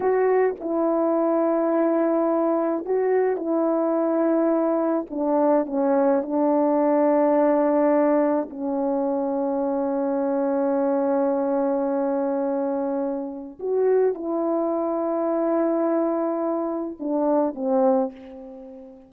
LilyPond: \new Staff \with { instrumentName = "horn" } { \time 4/4 \tempo 4 = 106 fis'4 e'2.~ | e'4 fis'4 e'2~ | e'4 d'4 cis'4 d'4~ | d'2. cis'4~ |
cis'1~ | cis'1 | fis'4 e'2.~ | e'2 d'4 c'4 | }